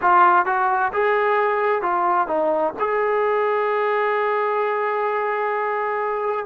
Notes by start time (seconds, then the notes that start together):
0.01 F4
0.45 F#4
0.93 G#4
1.82 F4
2.27 D#4
2.79 G#4